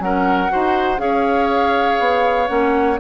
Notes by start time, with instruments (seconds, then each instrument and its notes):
0.00 bassoon F#3, clarinet C#4, oboe A#4, flute F#5
0.49 bassoon D#4, clarinet F#4, oboe C5
0.98 bassoon C#4, clarinet G#4, oboe C#5, flute F5
2.00 bassoon B3
2.48 bassoon A#3, clarinet C#4, flute F#5